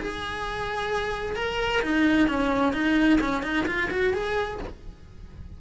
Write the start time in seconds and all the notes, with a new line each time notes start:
0.00 G#4
1.35 A#4
1.82 D#4
2.28 C#4
2.73 D#4
3.21 C#4
3.43 D#4
3.66 F4
3.90 F#4
4.13 G#4